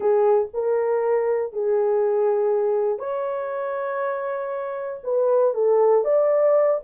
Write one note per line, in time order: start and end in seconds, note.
0.00 0.48 G#4
0.53 1.52 A#4
1.52 2.99 G#4
2.99 5.00 C#5
5.03 5.53 B4
5.53 6.04 A4
6.04 6.80 D5